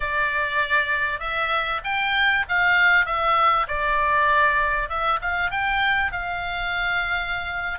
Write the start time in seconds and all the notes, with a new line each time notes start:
0.00 D5
1.19 E5
1.84 G5
2.49 F5
3.05 E5
3.67 D5
4.89 E5
5.21 F5
5.50 G5
6.11 F5